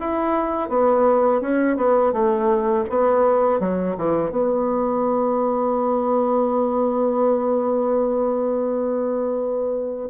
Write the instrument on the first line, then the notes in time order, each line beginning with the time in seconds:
bassoon
0.00 E4
0.69 B3
1.41 C#4
1.76 B3
2.12 A3
2.89 B3
3.60 F#3
3.98 E3
4.31 B3